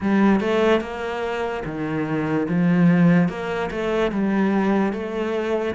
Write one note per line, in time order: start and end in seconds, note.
0.00 0.40 G3
0.40 0.80 A3
0.80 1.63 A#3
1.65 2.47 D#3
2.48 3.29 F3
3.29 3.70 A#3
3.71 4.11 A3
4.11 4.92 G3
4.92 5.75 A3